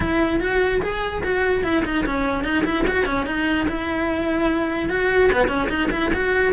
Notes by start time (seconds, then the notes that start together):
0.00 E4
0.40 F#4
0.82 G#4
1.23 F#4
1.63 E4
1.84 D#4
2.05 C#4
2.44 D#4
2.64 E4
2.87 F#4
3.05 C#4
3.26 D#4
3.68 E4
4.89 F#4
5.32 B3
5.48 C#4
5.69 D#4
5.91 E4
6.13 F#4